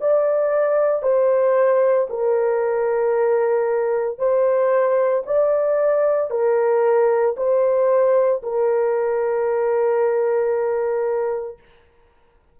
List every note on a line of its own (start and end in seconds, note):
0.00 1.02 D5
1.02 2.07 C5
2.09 4.18 A#4
4.18 5.23 C5
5.25 6.30 D5
6.30 7.35 A#4
7.36 8.42 C5
8.43 11.58 A#4